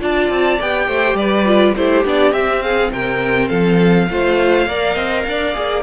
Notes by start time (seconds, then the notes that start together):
0.00 D4 F4 D5 A5
0.30 C4
0.61 B3 G4 G5
0.88 A3 C5
1.15 G3 B4 D5
1.46 F4
1.77 A3 E4 G4 C5
2.05 B3 D4 D5
2.32 C4 E5
2.62 G#4 F5
2.92 C3 A#4 G5
3.49 F3 A4 F5
4.10 A3 F4 C5
4.67 A#3 A#4 D5
4.94 C4 D#5
5.27 D4 D5
5.54 A#3 G#4